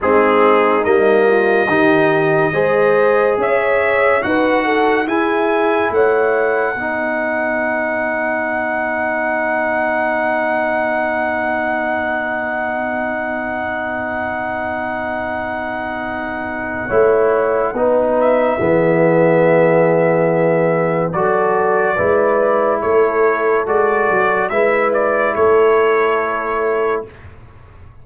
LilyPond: <<
  \new Staff \with { instrumentName = "trumpet" } { \time 4/4 \tempo 4 = 71 gis'4 dis''2. | e''4 fis''4 gis''4 fis''4~ | fis''1~ | fis''1~ |
fis''1~ | fis''4. e''2~ e''8~ | e''4 d''2 cis''4 | d''4 e''8 d''8 cis''2 | }
  \new Staff \with { instrumentName = "horn" } { \time 4/4 dis'4. f'8 g'4 c''4 | cis''4 b'8 a'8 gis'4 cis''4 | b'1~ | b'1~ |
b'1 | cis''4 b'4 gis'2~ | gis'4 a'4 b'4 a'4~ | a'4 b'4 a'2 | }
  \new Staff \with { instrumentName = "trombone" } { \time 4/4 c'4 ais4 dis'4 gis'4~ | gis'4 fis'4 e'2 | dis'1~ | dis'1~ |
dis'1 | e'4 dis'4 b2~ | b4 fis'4 e'2 | fis'4 e'2. | }
  \new Staff \with { instrumentName = "tuba" } { \time 4/4 gis4 g4 dis4 gis4 | cis'4 dis'4 e'4 a4 | b1~ | b1~ |
b1 | a4 b4 e2~ | e4 fis4 gis4 a4 | gis8 fis8 gis4 a2 | }
>>